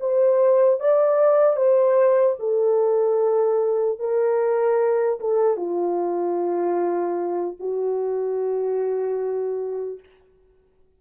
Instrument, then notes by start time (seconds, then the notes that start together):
horn
0.00 C5
0.80 D5
1.56 C5
2.39 A4
3.99 A#4
5.20 A4
5.57 F4
7.60 F#4